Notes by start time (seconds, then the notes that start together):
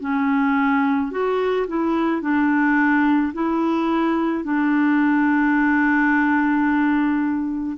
0.00 C#4
1.11 F#4
1.68 E4
2.22 D4
3.33 E4
4.44 D4